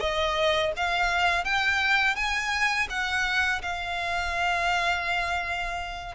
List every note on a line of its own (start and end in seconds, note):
0.00 0.72 D#5
0.76 1.45 F5
1.45 2.15 G5
2.15 2.88 G#5
2.89 3.62 F#5
3.62 6.15 F5